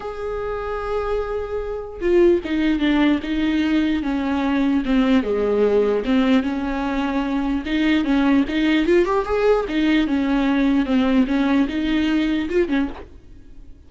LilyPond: \new Staff \with { instrumentName = "viola" } { \time 4/4 \tempo 4 = 149 gis'1~ | gis'4 f'4 dis'4 d'4 | dis'2 cis'2 | c'4 gis2 c'4 |
cis'2. dis'4 | cis'4 dis'4 f'8 g'8 gis'4 | dis'4 cis'2 c'4 | cis'4 dis'2 f'8 cis'8 | }